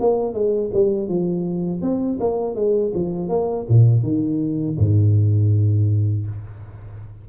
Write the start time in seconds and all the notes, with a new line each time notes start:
0.00 A#3
0.33 G#3
0.73 G3
1.08 F3
1.81 C4
2.20 A#3
2.55 G#3
2.94 F3
3.29 A#3
3.69 A#2
4.03 D#3
4.78 G#2